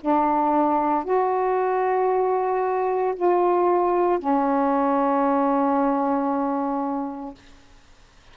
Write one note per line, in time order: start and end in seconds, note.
0.00 1.04 D4
1.04 3.14 F#4
3.15 4.19 F4
4.19 7.34 C#4